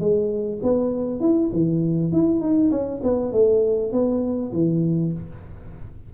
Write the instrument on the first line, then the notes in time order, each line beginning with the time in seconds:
tuba
0.00 G#3
0.63 B3
1.20 E4
1.53 E3
2.13 E4
2.41 D#4
2.71 C#4
3.03 B3
3.32 A3
3.92 B3
4.53 E3